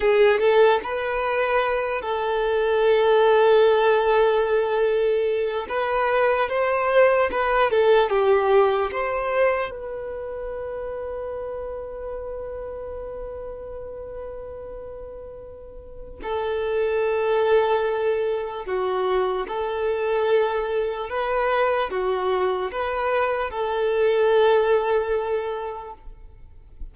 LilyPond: \new Staff \with { instrumentName = "violin" } { \time 4/4 \tempo 4 = 74 gis'8 a'8 b'4. a'4.~ | a'2. b'4 | c''4 b'8 a'8 g'4 c''4 | b'1~ |
b'1 | a'2. fis'4 | a'2 b'4 fis'4 | b'4 a'2. | }